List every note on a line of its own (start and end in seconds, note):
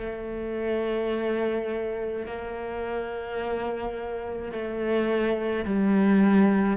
0.00 2.26 A3
2.26 4.52 A#3
4.52 5.65 A3
5.65 6.77 G3